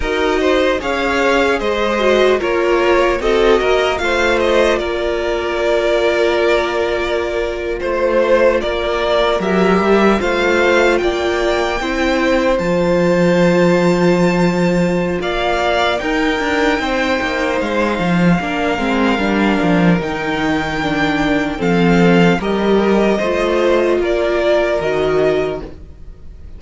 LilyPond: <<
  \new Staff \with { instrumentName = "violin" } { \time 4/4 \tempo 4 = 75 dis''4 f''4 dis''4 cis''4 | dis''4 f''8 dis''8 d''2~ | d''4.~ d''16 c''4 d''4 e''16~ | e''8. f''4 g''2 a''16~ |
a''2. f''4 | g''2 f''2~ | f''4 g''2 f''4 | dis''2 d''4 dis''4 | }
  \new Staff \with { instrumentName = "violin" } { \time 4/4 ais'8 c''8 cis''4 c''4 ais'4 | a'8 ais'8 c''4 ais'2~ | ais'4.~ ais'16 c''4 ais'4~ ais'16~ | ais'8. c''4 d''4 c''4~ c''16~ |
c''2. d''4 | ais'4 c''2 ais'4~ | ais'2. a'4 | ais'4 c''4 ais'2 | }
  \new Staff \with { instrumentName = "viola" } { \time 4/4 fis'4 gis'4. fis'8 f'4 | fis'4 f'2.~ | f'2.~ f'8. g'16~ | g'8. f'2 e'4 f'16~ |
f'1 | dis'2. d'8 c'8 | d'4 dis'4 d'4 c'4 | g'4 f'2 fis'4 | }
  \new Staff \with { instrumentName = "cello" } { \time 4/4 dis'4 cis'4 gis4 ais4 | c'8 ais8 a4 ais2~ | ais4.~ ais16 a4 ais4 fis16~ | fis16 g8 a4 ais4 c'4 f16~ |
f2. ais4 | dis'8 d'8 c'8 ais8 gis8 f8 ais8 gis8 | g8 f8 dis2 f4 | g4 a4 ais4 dis4 | }
>>